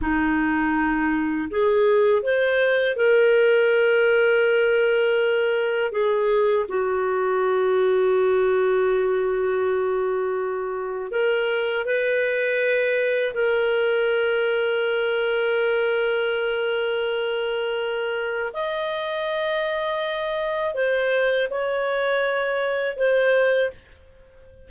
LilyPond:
\new Staff \with { instrumentName = "clarinet" } { \time 4/4 \tempo 4 = 81 dis'2 gis'4 c''4 | ais'1 | gis'4 fis'2.~ | fis'2. ais'4 |
b'2 ais'2~ | ais'1~ | ais'4 dis''2. | c''4 cis''2 c''4 | }